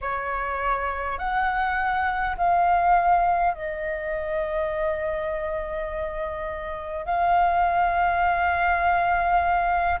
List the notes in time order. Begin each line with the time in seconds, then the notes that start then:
0.01 C#5
1.18 F#5
2.37 F5
3.53 D#5
7.05 F5